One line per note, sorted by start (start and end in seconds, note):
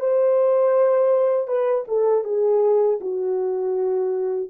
0.00 1.48 C5
1.48 1.85 B4
1.88 2.25 A4
2.25 3.00 G#4
3.01 4.50 F#4